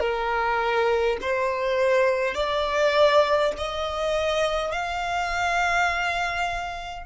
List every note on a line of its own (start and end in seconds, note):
0.00 1.18 A#4
1.22 2.35 C5
2.35 3.52 D5
3.58 4.72 D#5
4.72 7.06 F5